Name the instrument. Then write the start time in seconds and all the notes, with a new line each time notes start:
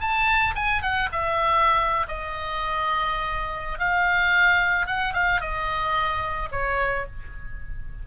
oboe
0.00 A5
0.55 G#5
0.82 F#5
1.12 E5
2.08 D#5
3.79 F5
4.86 F#5
5.13 F5
5.40 D#5
6.51 C#5